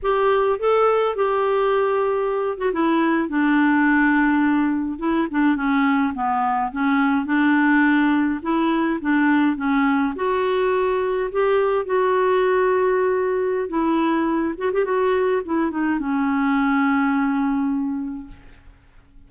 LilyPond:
\new Staff \with { instrumentName = "clarinet" } { \time 4/4 \tempo 4 = 105 g'4 a'4 g'2~ | g'8 fis'16 e'4 d'2~ d'16~ | d'8. e'8 d'8 cis'4 b4 cis'16~ | cis'8. d'2 e'4 d'16~ |
d'8. cis'4 fis'2 g'16~ | g'8. fis'2.~ fis'16 | e'4. fis'16 g'16 fis'4 e'8 dis'8 | cis'1 | }